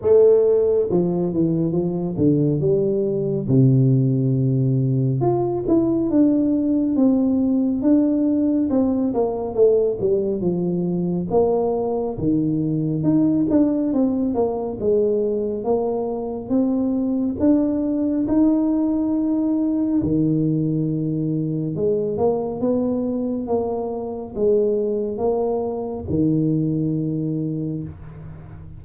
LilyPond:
\new Staff \with { instrumentName = "tuba" } { \time 4/4 \tempo 4 = 69 a4 f8 e8 f8 d8 g4 | c2 f'8 e'8 d'4 | c'4 d'4 c'8 ais8 a8 g8 | f4 ais4 dis4 dis'8 d'8 |
c'8 ais8 gis4 ais4 c'4 | d'4 dis'2 dis4~ | dis4 gis8 ais8 b4 ais4 | gis4 ais4 dis2 | }